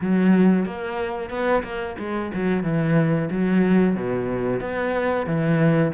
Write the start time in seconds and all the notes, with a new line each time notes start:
0.00 F#3
0.65 A#3
1.29 B3
1.63 A#3
1.98 G#3
2.34 F#3
2.63 E3
3.30 F#3
3.95 B2
4.60 B3
5.26 E3